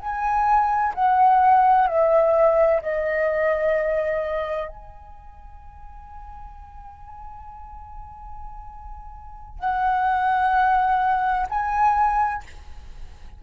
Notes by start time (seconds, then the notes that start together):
0.00 G#5
0.95 F#5
1.87 E5
2.82 D#5
4.69 G#5
9.59 F#5
11.50 G#5